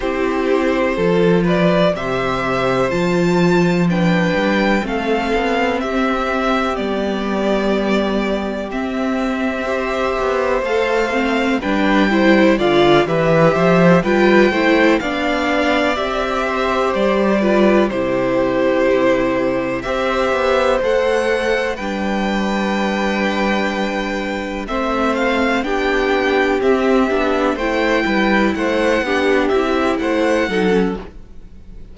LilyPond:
<<
  \new Staff \with { instrumentName = "violin" } { \time 4/4 \tempo 4 = 62 c''4. d''8 e''4 a''4 | g''4 f''4 e''4 d''4~ | d''4 e''2 f''4 | g''4 f''8 e''4 g''4 f''8~ |
f''8 e''4 d''4 c''4.~ | c''8 e''4 fis''4 g''4.~ | g''4. e''8 f''8 g''4 e''8~ | e''8 g''4 fis''4 e''8 fis''4 | }
  \new Staff \with { instrumentName = "violin" } { \time 4/4 g'4 a'8 b'8 c''2 | b'4 a'4 g'2~ | g'2 c''2 | b'8 c''8 d''8 b'8 c''8 b'8 c''8 d''8~ |
d''4 c''4 b'8 g'4.~ | g'8 c''2 b'4.~ | b'4. c''4 g'4.~ | g'8 c''8 b'8 c''8 g'4 c''8 a'8 | }
  \new Staff \with { instrumentName = "viola" } { \time 4/4 e'4 f'4 g'4 f'4 | d'4 c'2 b4~ | b4 c'4 g'4 a'8 c'8 | d'8 e'8 f'8 g'4 f'8 e'8 d'8~ |
d'8 g'4. f'8 e'4.~ | e'8 g'4 a'4 d'4.~ | d'4. c'4 d'4 c'8 | d'8 e'4. d'8 e'4 dis'16 cis'16 | }
  \new Staff \with { instrumentName = "cello" } { \time 4/4 c'4 f4 c4 f4~ | f8 g8 a8 b8 c'4 g4~ | g4 c'4. b8 a4 | g4 d8 e8 f8 g8 a8 b8~ |
b8 c'4 g4 c4.~ | c8 c'8 b8 a4 g4.~ | g4. a4 b4 c'8 | b8 a8 g8 a8 b8 c'8 a8 fis8 | }
>>